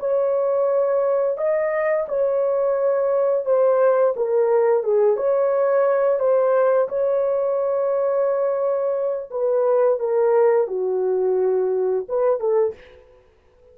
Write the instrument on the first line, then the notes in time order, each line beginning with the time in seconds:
horn
0.00 C#5
1.38 D#5
2.09 C#5
3.46 C5
4.17 A#4
4.84 G#4
5.17 C#5
6.20 C5
6.89 C#5
9.31 B4
10.00 A#4
10.68 F#4
12.09 B4
12.40 A4